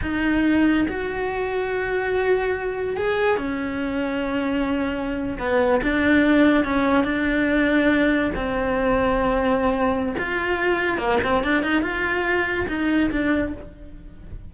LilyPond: \new Staff \with { instrumentName = "cello" } { \time 4/4 \tempo 4 = 142 dis'2 fis'2~ | fis'2. gis'4 | cis'1~ | cis'8. b4 d'2 cis'16~ |
cis'8. d'2. c'16~ | c'1 | f'2 ais8 c'8 d'8 dis'8 | f'2 dis'4 d'4 | }